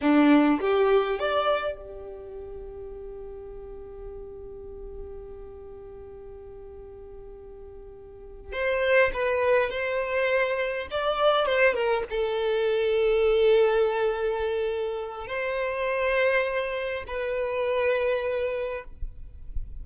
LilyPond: \new Staff \with { instrumentName = "violin" } { \time 4/4 \tempo 4 = 102 d'4 g'4 d''4 g'4~ | g'1~ | g'1~ | g'2~ g'8 c''4 b'8~ |
b'8 c''2 d''4 c''8 | ais'8 a'2.~ a'8~ | a'2 c''2~ | c''4 b'2. | }